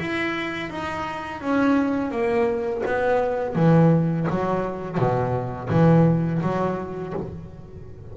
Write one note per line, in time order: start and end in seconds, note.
0.00 0.70 E4
0.70 1.41 D#4
1.41 2.11 C#4
2.11 2.83 A#3
2.86 3.56 B3
3.56 4.27 E3
4.30 4.98 F#3
4.98 5.69 B2
5.70 6.42 E3
6.42 7.14 F#3